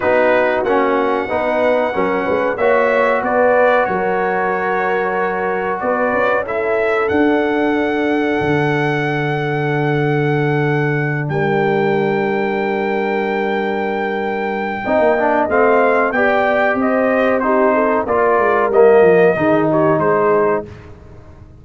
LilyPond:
<<
  \new Staff \with { instrumentName = "trumpet" } { \time 4/4 \tempo 4 = 93 b'4 fis''2. | e''4 d''4 cis''2~ | cis''4 d''4 e''4 fis''4~ | fis''1~ |
fis''4. g''2~ g''8~ | g''1 | f''4 g''4 dis''4 c''4 | d''4 dis''4. cis''8 c''4 | }
  \new Staff \with { instrumentName = "horn" } { \time 4/4 fis'2 b'4 ais'8 b'8 | cis''4 b'4 ais'2~ | ais'4 b'4 a'2~ | a'1~ |
a'4. ais'2~ ais'8~ | ais'2. dis''4~ | dis''4 d''4 c''4 g'8 a'8 | ais'2 gis'8 g'8 gis'4 | }
  \new Staff \with { instrumentName = "trombone" } { \time 4/4 dis'4 cis'4 dis'4 cis'4 | fis'1~ | fis'2 e'4 d'4~ | d'1~ |
d'1~ | d'2. dis'8 d'8 | c'4 g'2 dis'4 | f'4 ais4 dis'2 | }
  \new Staff \with { instrumentName = "tuba" } { \time 4/4 b4 ais4 b4 fis8 gis8 | ais4 b4 fis2~ | fis4 b8 cis'4. d'4~ | d'4 d2.~ |
d4. g2~ g8~ | g2. c'16 ais8. | a4 b4 c'2 | ais8 gis8 g8 f8 dis4 gis4 | }
>>